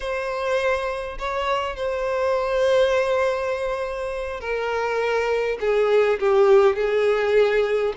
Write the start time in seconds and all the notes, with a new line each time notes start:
0.00 C5
1.18 C#5
1.76 C5
4.40 A#4
5.60 G#4
6.19 G4
6.75 G#4